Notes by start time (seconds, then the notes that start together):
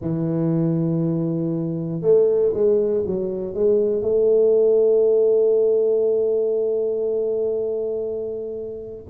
0.01 E3
2.01 A3
2.53 G#3
3.06 F#3
3.54 G#3
4.02 A3